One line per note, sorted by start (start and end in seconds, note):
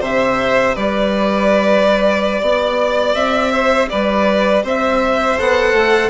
0.00 0.74 C3
0.00 5.37 G4
0.00 0.74 C5
0.00 0.76 E5
0.74 2.41 G3
0.74 2.41 B4
0.74 3.15 D5
2.41 3.15 B3
2.41 3.51 D5
3.15 3.89 C4
3.15 3.89 E5
3.51 3.88 C5
3.89 4.63 G3
3.89 4.63 B4
3.89 4.63 D5
4.63 5.37 C4
4.63 6.10 C5
4.63 5.40 E5
5.38 5.73 B3
5.38 6.10 A4
5.38 6.10 F#5
5.73 6.10 A3